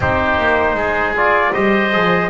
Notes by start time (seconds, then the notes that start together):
0.00 C4 D#4 G4 C5
0.38 A#3
0.74 G#3 G#4
1.16 F4 D5
1.53 G3 G4 C5 D#5
1.92 F3 G#4